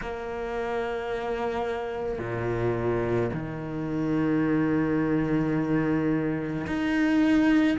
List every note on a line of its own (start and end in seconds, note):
0.01 2.19 A#3
2.19 3.30 A#2
3.33 6.66 D#3
6.66 7.77 D#4